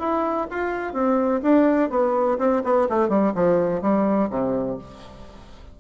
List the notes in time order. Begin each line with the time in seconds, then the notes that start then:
0.00 E4
0.51 F4
0.94 C4
1.43 D4
1.90 B3
2.39 C4
2.64 B3
2.90 A3
3.09 G3
3.35 F3
3.82 G3
4.30 C3